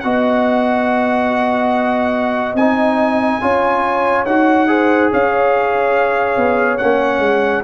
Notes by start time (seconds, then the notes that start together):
0.00 B3 F#4 D#5 F#5
2.54 C4 D#4 G#5
3.41 C#4 F4 C#5
4.25 D#4 F#4 F#5
4.67 G#4 C5
5.11 C#4 C#5 F5
6.37 B3
6.78 A#3 C#4 F#5
7.19 G#3